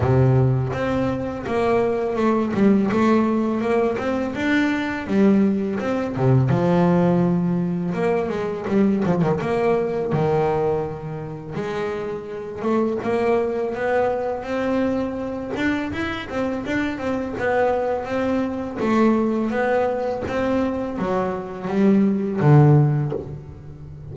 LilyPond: \new Staff \with { instrumentName = "double bass" } { \time 4/4 \tempo 4 = 83 c4 c'4 ais4 a8 g8 | a4 ais8 c'8 d'4 g4 | c'8 c8 f2 ais8 gis8 | g8 f16 dis16 ais4 dis2 |
gis4. a8 ais4 b4 | c'4. d'8 e'8 c'8 d'8 c'8 | b4 c'4 a4 b4 | c'4 fis4 g4 d4 | }